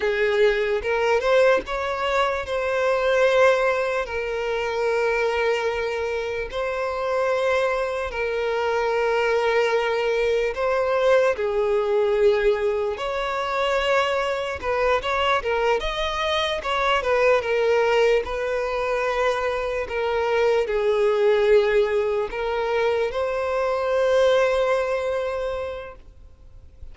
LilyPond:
\new Staff \with { instrumentName = "violin" } { \time 4/4 \tempo 4 = 74 gis'4 ais'8 c''8 cis''4 c''4~ | c''4 ais'2. | c''2 ais'2~ | ais'4 c''4 gis'2 |
cis''2 b'8 cis''8 ais'8 dis''8~ | dis''8 cis''8 b'8 ais'4 b'4.~ | b'8 ais'4 gis'2 ais'8~ | ais'8 c''2.~ c''8 | }